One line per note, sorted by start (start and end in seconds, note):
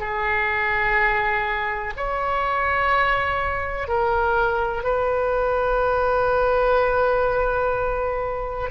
0.00 1.94 G#4
1.97 3.88 C#5
3.88 4.83 A#4
4.83 8.71 B4